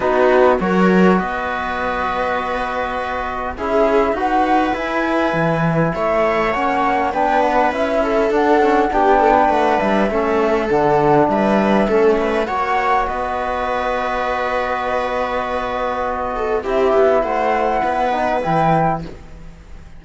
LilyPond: <<
  \new Staff \with { instrumentName = "flute" } { \time 4/4 \tempo 4 = 101 b'4 cis''4 dis''2~ | dis''2 e''4 fis''4 | gis''2 e''4 fis''4 | g''8 fis''8 e''4 fis''4 g''4 |
fis''8 e''4. fis''4 e''4~ | e''4 fis''4 dis''2~ | dis''1 | e''4 fis''2 g''4 | }
  \new Staff \with { instrumentName = "viola" } { \time 4/4 fis'4 ais'4 b'2~ | b'2 gis'4 b'4~ | b'2 cis''2 | b'4. a'4. g'8 a'16 b'16~ |
b'4 a'2 b'4 | a'8 b'8 cis''4 b'2~ | b'2.~ b'8 a'8 | g'4 c''4 b'2 | }
  \new Staff \with { instrumentName = "trombone" } { \time 4/4 dis'4 fis'2.~ | fis'2 e'4 fis'4 | e'2. cis'4 | d'4 e'4 d'8 cis'8 d'4~ |
d'4 cis'4 d'2 | cis'4 fis'2.~ | fis'1 | e'2~ e'8 dis'8 e'4 | }
  \new Staff \with { instrumentName = "cello" } { \time 4/4 b4 fis4 b2~ | b2 cis'4 dis'4 | e'4 e4 a4 ais4 | b4 cis'4 d'4 b4 |
a8 g8 a4 d4 g4 | a4 ais4 b2~ | b1 | c'8 b8 a4 b4 e4 | }
>>